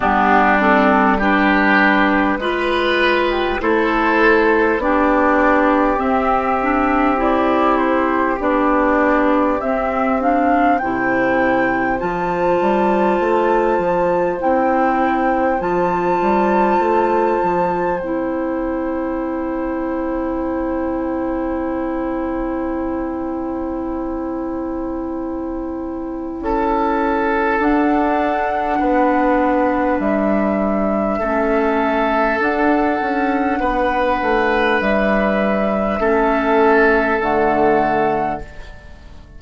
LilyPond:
<<
  \new Staff \with { instrumentName = "flute" } { \time 4/4 \tempo 4 = 50 g'8 a'8 b'4.~ b'16 g'16 c''4 | d''4 e''4 d''8 c''8 d''4 | e''8 f''8 g''4 a''2 | g''4 a''2 g''4~ |
g''1~ | g''2. fis''4~ | fis''4 e''2 fis''4~ | fis''4 e''2 fis''4 | }
  \new Staff \with { instrumentName = "oboe" } { \time 4/4 d'4 g'4 b'4 a'4 | g'1~ | g'4 c''2.~ | c''1~ |
c''1~ | c''2 a'2 | b'2 a'2 | b'2 a'2 | }
  \new Staff \with { instrumentName = "clarinet" } { \time 4/4 b8 c'8 d'4 f'4 e'4 | d'4 c'8 d'8 e'4 d'4 | c'8 d'8 e'4 f'2 | e'4 f'2 e'4~ |
e'1~ | e'2. d'4~ | d'2 cis'4 d'4~ | d'2 cis'4 a4 | }
  \new Staff \with { instrumentName = "bassoon" } { \time 4/4 g2 gis4 a4 | b4 c'2 b4 | c'4 c4 f8 g8 a8 f8 | c'4 f8 g8 a8 f8 c'4~ |
c'1~ | c'2 cis'4 d'4 | b4 g4 a4 d'8 cis'8 | b8 a8 g4 a4 d4 | }
>>